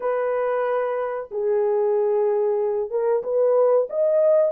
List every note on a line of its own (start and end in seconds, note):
0.00 1.29 B4
1.31 2.90 G#4
2.90 3.23 A#4
3.23 3.87 B4
3.89 4.52 D#5